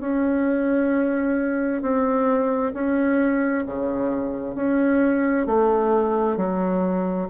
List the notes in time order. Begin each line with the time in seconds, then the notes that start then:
0.00 C#4
1.82 C4
2.74 C#4
3.67 C#3
4.55 C#4
5.47 A3
6.37 F#3